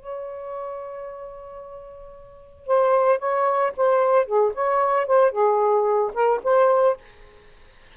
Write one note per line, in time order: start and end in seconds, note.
0.00 2.67 C#5
2.67 3.19 C5
3.19 3.73 C#5
3.77 4.26 C5
4.26 4.53 G#4
4.54 5.06 C#5
5.06 5.32 C5
5.32 6.12 G#4
6.14 6.41 A#4
6.44 6.97 C5